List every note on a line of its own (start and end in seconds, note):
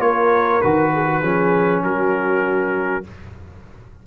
0.00 0.61 A#3
0.00 0.61 F4
0.00 0.93 A#4
0.00 0.61 C#5
0.61 1.23 D#3
0.61 1.22 F#4
0.61 1.83 B4
0.94 1.06 G#4
1.06 1.21 F#4
1.22 1.83 F3
1.22 3.04 C#4
1.22 1.82 G#4
1.84 3.05 F#3
1.84 3.07 F#4
1.84 3.05 A#4